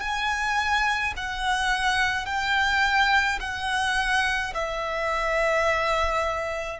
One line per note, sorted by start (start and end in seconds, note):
0.00 1.13 G#5
1.17 2.26 F#5
2.26 3.39 G5
3.40 4.53 F#5
4.54 6.80 E5